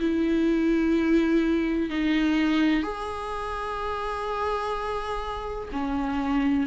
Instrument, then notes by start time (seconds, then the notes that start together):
viola
0.00 E4
1.90 D#4
2.83 G#4
5.72 C#4